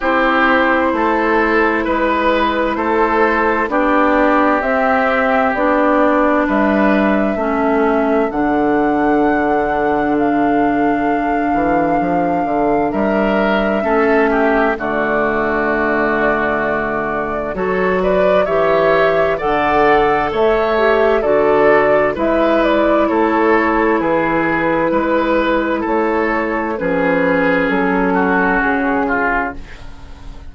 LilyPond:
<<
  \new Staff \with { instrumentName = "flute" } { \time 4/4 \tempo 4 = 65 c''2 b'4 c''4 | d''4 e''4 d''4 e''4~ | e''4 fis''2 f''4~ | f''2 e''2 |
d''2. cis''8 d''8 | e''4 fis''4 e''4 d''4 | e''8 d''8 cis''4 b'2 | cis''4 b'4 a'4 gis'4 | }
  \new Staff \with { instrumentName = "oboe" } { \time 4/4 g'4 a'4 b'4 a'4 | g'2. b'4 | a'1~ | a'2 ais'4 a'8 g'8 |
fis'2. a'8 b'8 | cis''4 d''4 cis''4 a'4 | b'4 a'4 gis'4 b'4 | a'4 gis'4. fis'4 f'8 | }
  \new Staff \with { instrumentName = "clarinet" } { \time 4/4 e'1 | d'4 c'4 d'2 | cis'4 d'2.~ | d'2. cis'4 |
a2. fis'4 | g'4 a'4. g'8 fis'4 | e'1~ | e'4 cis'2. | }
  \new Staff \with { instrumentName = "bassoon" } { \time 4/4 c'4 a4 gis4 a4 | b4 c'4 b4 g4 | a4 d2.~ | d8 e8 f8 d8 g4 a4 |
d2. fis4 | e4 d4 a4 d4 | gis4 a4 e4 gis4 | a4 f4 fis4 cis4 | }
>>